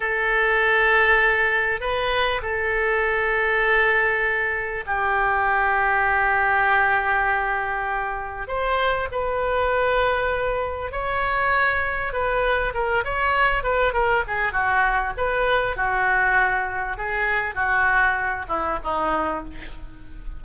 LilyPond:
\new Staff \with { instrumentName = "oboe" } { \time 4/4 \tempo 4 = 99 a'2. b'4 | a'1 | g'1~ | g'2 c''4 b'4~ |
b'2 cis''2 | b'4 ais'8 cis''4 b'8 ais'8 gis'8 | fis'4 b'4 fis'2 | gis'4 fis'4. e'8 dis'4 | }